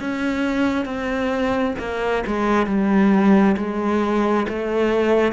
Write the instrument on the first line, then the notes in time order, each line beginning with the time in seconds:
cello
0.00 C#4
0.85 C4
1.79 A#3
2.27 G#3
2.67 G3
3.57 G#3
4.49 A3